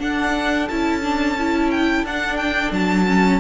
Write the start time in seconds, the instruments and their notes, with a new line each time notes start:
0.00 viola D4, cello D4, violin A4 F#5
0.69 cello C#4, viola E4, violin A5
1.03 viola D4
1.40 viola E4
1.71 violin G5
2.04 cello D4, viola D4, violin F#5
2.37 violin G5
2.72 cello F#3, violin A5
3.07 viola C#4